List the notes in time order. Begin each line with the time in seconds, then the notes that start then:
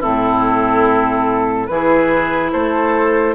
0.00 A2 C4 E4 A4
1.67 E3 E4 G#4 B4
2.52 A3 A4 C5